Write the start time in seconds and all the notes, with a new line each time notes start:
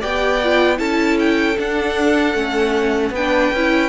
0.00 B3 G4 D5 G5
0.44 F4
0.77 C#4 E4 A4 A5
1.19 G5
1.58 D4 F#5
2.34 A3 C#4
3.10 B3 B4 G5
3.17 D4
3.53 C#4 E4